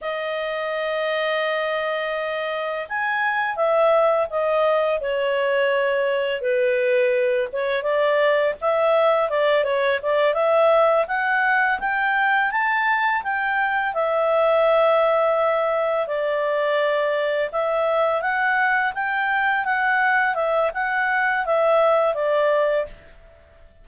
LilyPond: \new Staff \with { instrumentName = "clarinet" } { \time 4/4 \tempo 4 = 84 dis''1 | gis''4 e''4 dis''4 cis''4~ | cis''4 b'4. cis''8 d''4 | e''4 d''8 cis''8 d''8 e''4 fis''8~ |
fis''8 g''4 a''4 g''4 e''8~ | e''2~ e''8 d''4.~ | d''8 e''4 fis''4 g''4 fis''8~ | fis''8 e''8 fis''4 e''4 d''4 | }